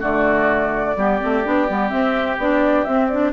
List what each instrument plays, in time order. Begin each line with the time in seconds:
0.00 bassoon D3, clarinet A3, oboe F#4, flute D5
0.96 bassoon G3, clarinet B3, oboe G4
1.20 bassoon A3, clarinet C4
1.44 bassoon B3, clarinet D4
1.68 bassoon G3, clarinet B3
1.89 clarinet C4, bassoon C4, flute E5
2.37 bassoon B3, clarinet D4, flute D5
2.84 clarinet C4, bassoon C4, flute E5
3.08 clarinet D4, flute D5